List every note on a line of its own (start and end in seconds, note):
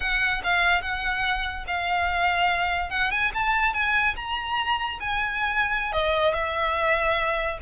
0.00 0.41 F#5
0.43 0.81 F5
0.81 1.65 F#5
1.67 2.90 F5
2.90 3.10 F#5
3.10 3.31 G#5
3.34 3.73 A5
3.73 4.15 G#5
4.16 4.99 A#5
5.00 5.92 G#5
5.92 6.33 D#5
6.33 7.58 E5